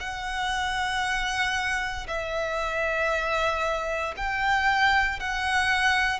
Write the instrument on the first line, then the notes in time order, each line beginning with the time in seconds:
violin
0.00 F#5
2.07 E5
4.17 G5
5.19 F#5